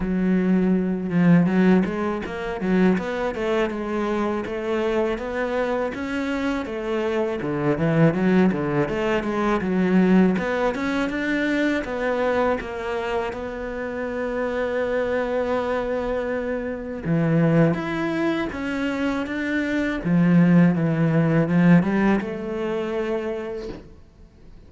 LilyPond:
\new Staff \with { instrumentName = "cello" } { \time 4/4 \tempo 4 = 81 fis4. f8 fis8 gis8 ais8 fis8 | b8 a8 gis4 a4 b4 | cis'4 a4 d8 e8 fis8 d8 | a8 gis8 fis4 b8 cis'8 d'4 |
b4 ais4 b2~ | b2. e4 | e'4 cis'4 d'4 f4 | e4 f8 g8 a2 | }